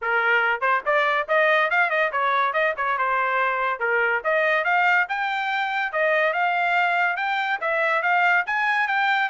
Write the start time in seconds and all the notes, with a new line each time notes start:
0.01 A#4
0.60 C5
0.85 D5
1.28 D#5
1.70 F5
1.90 D#5
2.12 C#5
2.53 D#5
2.76 C#5
2.98 C5
3.79 A#4
4.24 D#5
4.64 F5
5.08 G5
5.92 D#5
6.33 F5
7.16 G5
7.61 E5
8.02 F5
8.46 G#5
8.87 G5